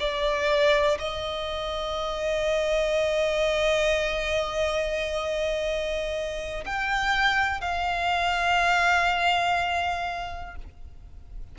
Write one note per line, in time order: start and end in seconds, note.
0.00 0.98 D5
0.99 6.65 D#5
6.66 7.61 G5
7.61 10.56 F5